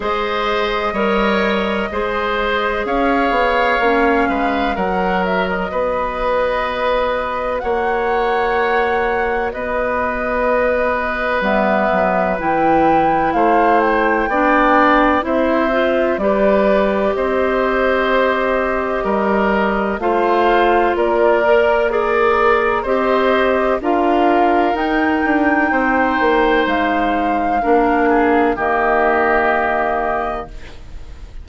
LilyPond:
<<
  \new Staff \with { instrumentName = "flute" } { \time 4/4 \tempo 4 = 63 dis''2. f''4~ | f''4 fis''8 e''16 dis''2~ dis''16 | fis''2 dis''2 | e''4 g''4 f''8 g''4. |
e''4 d''4 dis''2~ | dis''4 f''4 d''4 ais'4 | dis''4 f''4 g''2 | f''2 dis''2 | }
  \new Staff \with { instrumentName = "oboe" } { \time 4/4 c''4 cis''4 c''4 cis''4~ | cis''8 b'8 ais'4 b'2 | cis''2 b'2~ | b'2 c''4 d''4 |
c''4 b'4 c''2 | ais'4 c''4 ais'4 d''4 | c''4 ais'2 c''4~ | c''4 ais'8 gis'8 g'2 | }
  \new Staff \with { instrumentName = "clarinet" } { \time 4/4 gis'4 ais'4 gis'2 | cis'4 fis'2.~ | fis'1 | b4 e'2 d'4 |
e'8 f'8 g'2.~ | g'4 f'4. ais'8 gis'4 | g'4 f'4 dis'2~ | dis'4 d'4 ais2 | }
  \new Staff \with { instrumentName = "bassoon" } { \time 4/4 gis4 g4 gis4 cis'8 b8 | ais8 gis8 fis4 b2 | ais2 b2 | g8 fis8 e4 a4 b4 |
c'4 g4 c'2 | g4 a4 ais2 | c'4 d'4 dis'8 d'8 c'8 ais8 | gis4 ais4 dis2 | }
>>